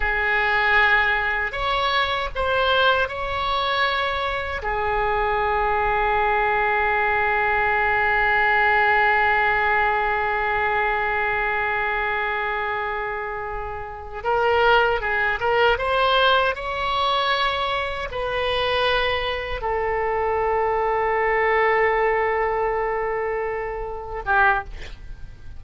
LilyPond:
\new Staff \with { instrumentName = "oboe" } { \time 4/4 \tempo 4 = 78 gis'2 cis''4 c''4 | cis''2 gis'2~ | gis'1~ | gis'1~ |
gis'2~ gis'8 ais'4 gis'8 | ais'8 c''4 cis''2 b'8~ | b'4. a'2~ a'8~ | a'2.~ a'8 g'8 | }